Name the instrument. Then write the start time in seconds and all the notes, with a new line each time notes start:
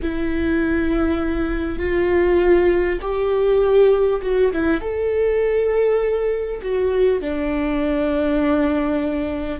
viola
0.02 E4
1.78 F4
3.01 G4
4.22 F#4
4.52 E4
4.81 A4
6.62 F#4
7.21 D4